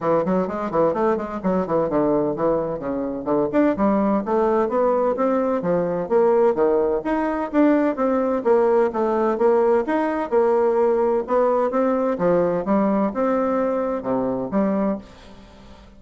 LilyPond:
\new Staff \with { instrumentName = "bassoon" } { \time 4/4 \tempo 4 = 128 e8 fis8 gis8 e8 a8 gis8 fis8 e8 | d4 e4 cis4 d8 d'8 | g4 a4 b4 c'4 | f4 ais4 dis4 dis'4 |
d'4 c'4 ais4 a4 | ais4 dis'4 ais2 | b4 c'4 f4 g4 | c'2 c4 g4 | }